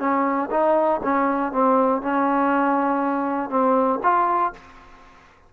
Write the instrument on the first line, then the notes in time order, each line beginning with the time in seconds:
trombone
0.00 C#4
0.51 D#4
1.04 C#4
1.52 C4
2.02 C#4
3.50 C4
4.03 F4